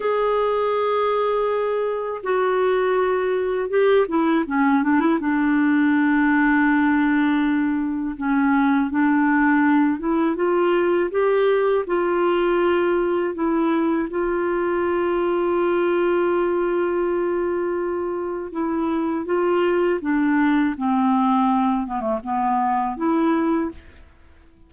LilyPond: \new Staff \with { instrumentName = "clarinet" } { \time 4/4 \tempo 4 = 81 gis'2. fis'4~ | fis'4 g'8 e'8 cis'8 d'16 e'16 d'4~ | d'2. cis'4 | d'4. e'8 f'4 g'4 |
f'2 e'4 f'4~ | f'1~ | f'4 e'4 f'4 d'4 | c'4. b16 a16 b4 e'4 | }